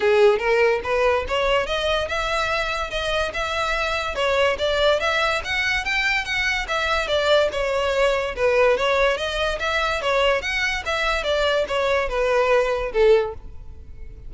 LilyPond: \new Staff \with { instrumentName = "violin" } { \time 4/4 \tempo 4 = 144 gis'4 ais'4 b'4 cis''4 | dis''4 e''2 dis''4 | e''2 cis''4 d''4 | e''4 fis''4 g''4 fis''4 |
e''4 d''4 cis''2 | b'4 cis''4 dis''4 e''4 | cis''4 fis''4 e''4 d''4 | cis''4 b'2 a'4 | }